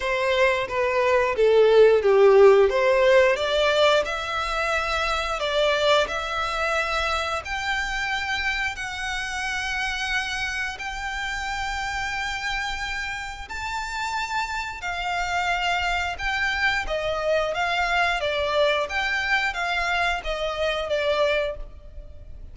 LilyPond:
\new Staff \with { instrumentName = "violin" } { \time 4/4 \tempo 4 = 89 c''4 b'4 a'4 g'4 | c''4 d''4 e''2 | d''4 e''2 g''4~ | g''4 fis''2. |
g''1 | a''2 f''2 | g''4 dis''4 f''4 d''4 | g''4 f''4 dis''4 d''4 | }